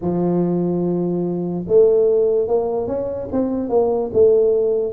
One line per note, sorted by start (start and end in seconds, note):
0.01 1.65 F3
1.67 2.47 A3
2.47 2.87 A#3
2.87 3.28 C#4
3.31 3.69 C4
3.69 4.10 A#3
4.13 4.92 A3